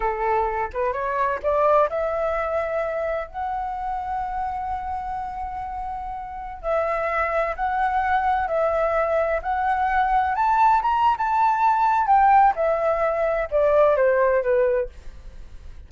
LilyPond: \new Staff \with { instrumentName = "flute" } { \time 4/4 \tempo 4 = 129 a'4. b'8 cis''4 d''4 | e''2. fis''4~ | fis''1~ | fis''2~ fis''16 e''4.~ e''16~ |
e''16 fis''2 e''4.~ e''16~ | e''16 fis''2 a''4 ais''8. | a''2 g''4 e''4~ | e''4 d''4 c''4 b'4 | }